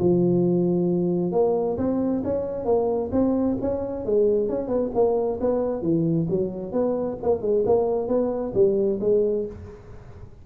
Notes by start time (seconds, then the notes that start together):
0.00 F3
1.32 A#3
1.78 C4
2.25 C#4
2.66 A#3
3.13 C4
3.62 C#4
4.06 G#3
4.49 C#4
4.68 B3
4.95 A#3
5.41 B3
5.82 E3
6.30 F#3
6.73 B3
7.23 A#3
7.42 G#3
7.66 A#3
8.08 B3
8.55 G3
9.01 G#3